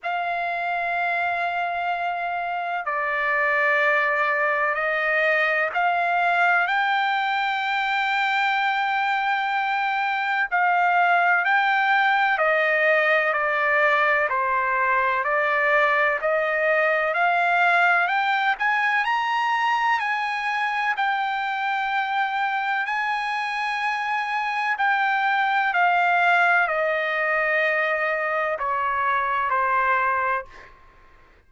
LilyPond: \new Staff \with { instrumentName = "trumpet" } { \time 4/4 \tempo 4 = 63 f''2. d''4~ | d''4 dis''4 f''4 g''4~ | g''2. f''4 | g''4 dis''4 d''4 c''4 |
d''4 dis''4 f''4 g''8 gis''8 | ais''4 gis''4 g''2 | gis''2 g''4 f''4 | dis''2 cis''4 c''4 | }